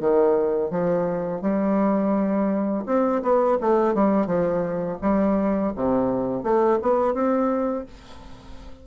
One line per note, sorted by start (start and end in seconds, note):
0.00 0.71 D#3
0.71 1.42 F3
1.42 2.85 G3
2.86 3.22 C4
3.22 3.58 B3
3.61 3.95 A3
3.95 4.27 G3
4.27 4.98 F3
5.02 5.73 G3
5.76 6.44 C3
6.44 6.79 A3
6.82 7.14 B3
7.14 7.86 C4